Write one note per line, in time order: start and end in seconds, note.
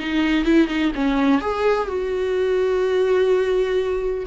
0.00 0.45 D#4
0.45 0.68 E4
0.68 0.92 D#4
0.96 1.42 C#4
1.42 1.88 G#4
1.88 4.26 F#4